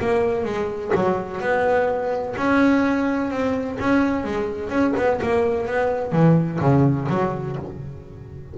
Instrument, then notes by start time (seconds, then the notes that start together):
double bass
0.00 A#3
0.44 G#3
0.95 F#3
1.40 B3
2.37 C#4
3.30 C4
3.79 C#4
4.24 G#3
4.69 C#4
4.96 B3
5.22 A#3
5.66 B3
6.12 E3
6.60 C#3
7.09 F#3